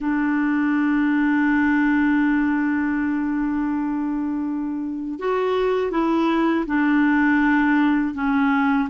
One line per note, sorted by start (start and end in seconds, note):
0.00 5.19 D4
5.19 5.91 F#4
5.91 6.65 E4
6.66 8.14 D4
8.14 8.88 C#4